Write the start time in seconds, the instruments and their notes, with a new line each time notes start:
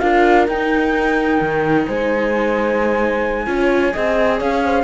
0.00 cello D4, viola F4, horn A#4, flute F5
0.48 cello D#4, viola D#4, flute G5
1.41 cello D#3
1.85 cello G#3, horn C5, flute G#5
3.47 cello C#4, viola F4, horn C#5
3.93 cello C4, viola G#4, horn D#5
4.39 cello C#4, horn C#5, flute F5
4.64 horn C5